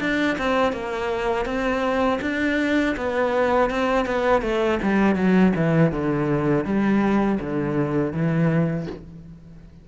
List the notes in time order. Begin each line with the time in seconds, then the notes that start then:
0.00 D4
0.38 C4
0.73 A#3
1.45 C4
2.21 D4
2.96 B3
3.70 C4
4.06 B3
4.42 A3
4.82 G3
5.15 F#3
5.56 E3
5.92 D3
6.65 G3
7.40 D3
8.12 E3